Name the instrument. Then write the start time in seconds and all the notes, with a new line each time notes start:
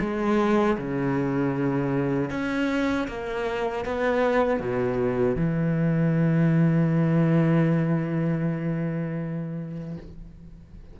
cello
0.00 G#3
0.77 C#3
2.30 C#4
3.08 A#3
3.85 B3
4.60 B2
5.35 E3